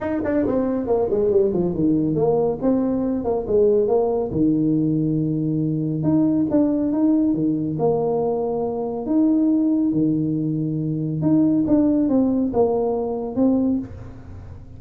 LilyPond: \new Staff \with { instrumentName = "tuba" } { \time 4/4 \tempo 4 = 139 dis'8 d'8 c'4 ais8 gis8 g8 f8 | dis4 ais4 c'4. ais8 | gis4 ais4 dis2~ | dis2 dis'4 d'4 |
dis'4 dis4 ais2~ | ais4 dis'2 dis4~ | dis2 dis'4 d'4 | c'4 ais2 c'4 | }